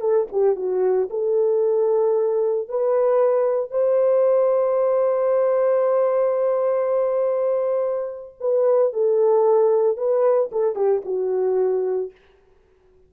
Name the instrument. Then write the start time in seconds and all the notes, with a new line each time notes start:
horn
0.00 A4
0.32 G4
0.56 F#4
1.10 A4
2.68 B4
3.70 C5
8.40 B4
8.93 A4
9.97 B4
10.52 A4
10.75 G4
11.05 F#4